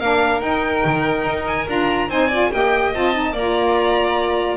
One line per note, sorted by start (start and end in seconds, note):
0.00 0.43 A#3
0.00 0.41 D4
0.00 2.09 A#4
0.00 0.41 F5
0.41 1.66 D#4
0.41 0.84 D#4
0.41 1.45 G5
0.86 1.26 D#3
1.26 1.67 D#4
1.48 1.69 G#5
1.67 2.09 D4
1.67 2.09 F4
1.67 2.11 A#5
2.09 2.51 C4
2.09 2.31 D#4
2.09 2.28 C5
2.09 2.52 G#5
2.28 2.52 F4
2.28 2.49 D5
2.52 2.94 A#3
2.52 2.94 G4
2.52 3.34 D#5
2.52 2.94 G5
2.94 3.33 C4
2.94 3.14 F4
2.94 3.36 A5
3.14 3.35 D#4
3.33 4.57 A#3
3.33 4.57 F4
3.33 4.57 D5
3.33 4.57 A#5